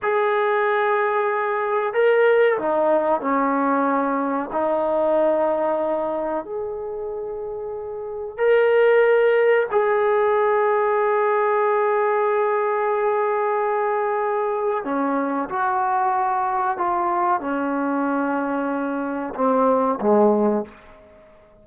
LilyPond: \new Staff \with { instrumentName = "trombone" } { \time 4/4 \tempo 4 = 93 gis'2. ais'4 | dis'4 cis'2 dis'4~ | dis'2 gis'2~ | gis'4 ais'2 gis'4~ |
gis'1~ | gis'2. cis'4 | fis'2 f'4 cis'4~ | cis'2 c'4 gis4 | }